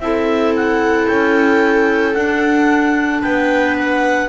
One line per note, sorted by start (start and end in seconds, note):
0.00 1.07 C4
0.00 2.15 E4
0.00 3.21 A4
0.00 0.54 E5
0.56 1.07 F#5
1.07 2.15 C#4
1.07 2.14 G5
2.15 4.29 D4
2.15 3.23 D4
2.15 3.22 F#5
3.21 4.29 B3
3.21 4.29 B4
3.21 3.76 G5
3.79 4.29 F#5